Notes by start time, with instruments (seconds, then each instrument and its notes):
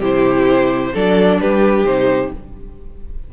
0.00 cello C3, viola E4, violin G4 C5
0.93 cello F#3, viola D4, violin A4 D5
1.40 cello G3, violin G4 B4
1.84 cello C3, viola D#4, violin C5